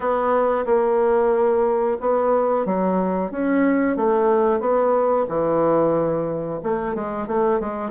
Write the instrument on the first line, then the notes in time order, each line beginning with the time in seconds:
bassoon
0.00 B3
0.65 A#3
2.00 B3
2.65 F#3
3.31 C#4
3.96 A3
4.60 B3
5.28 E3
6.63 A3
6.94 G#3
7.27 A3
7.60 G#3